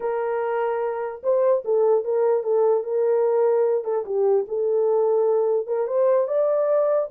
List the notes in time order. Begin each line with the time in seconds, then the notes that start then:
0.00 A#4
1.23 C5
1.64 A4
2.04 A#4
2.43 A4
2.83 A#4
3.84 A4
4.05 G4
4.48 A4
5.66 A#4
5.87 C5
6.27 D5